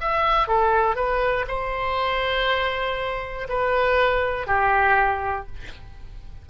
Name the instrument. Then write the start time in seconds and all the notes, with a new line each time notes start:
oboe
0.00 E5
0.48 A4
0.95 B4
1.47 C5
3.49 B4
4.47 G4